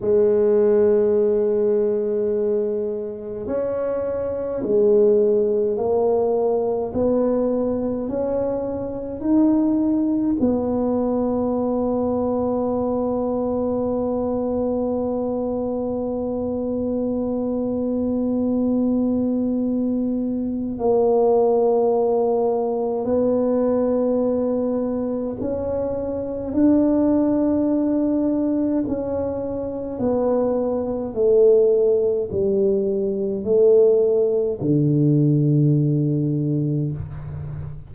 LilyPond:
\new Staff \with { instrumentName = "tuba" } { \time 4/4 \tempo 4 = 52 gis2. cis'4 | gis4 ais4 b4 cis'4 | dis'4 b2.~ | b1~ |
b2 ais2 | b2 cis'4 d'4~ | d'4 cis'4 b4 a4 | g4 a4 d2 | }